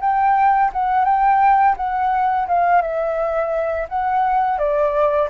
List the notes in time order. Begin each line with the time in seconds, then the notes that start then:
0.00 G5
0.73 F#5
1.05 G5
1.76 F#5
2.47 F5
2.81 E5
3.89 F#5
4.58 D5